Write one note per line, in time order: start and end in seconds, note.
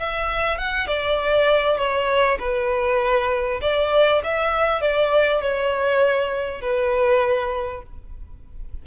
0.00 0.59 E5
0.59 0.88 F#5
0.88 1.78 D5
1.78 2.39 C#5
2.40 3.61 B4
3.62 4.22 D5
4.24 4.82 E5
4.82 5.42 D5
5.42 6.62 C#5
6.62 7.83 B4